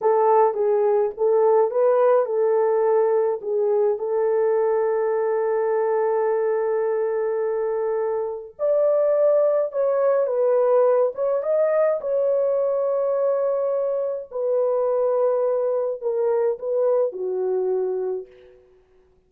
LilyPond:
\new Staff \with { instrumentName = "horn" } { \time 4/4 \tempo 4 = 105 a'4 gis'4 a'4 b'4 | a'2 gis'4 a'4~ | a'1~ | a'2. d''4~ |
d''4 cis''4 b'4. cis''8 | dis''4 cis''2.~ | cis''4 b'2. | ais'4 b'4 fis'2 | }